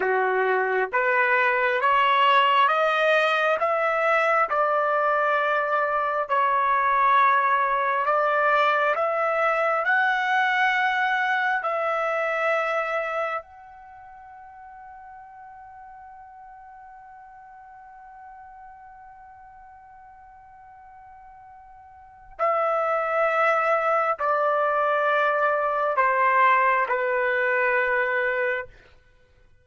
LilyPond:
\new Staff \with { instrumentName = "trumpet" } { \time 4/4 \tempo 4 = 67 fis'4 b'4 cis''4 dis''4 | e''4 d''2 cis''4~ | cis''4 d''4 e''4 fis''4~ | fis''4 e''2 fis''4~ |
fis''1~ | fis''1~ | fis''4 e''2 d''4~ | d''4 c''4 b'2 | }